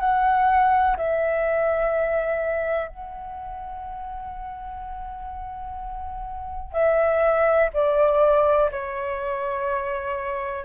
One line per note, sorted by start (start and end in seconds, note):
0.00 0.97 F#5
0.97 2.89 E5
2.89 6.73 F#5
6.73 7.69 E5
7.74 8.71 D5
8.72 10.65 C#5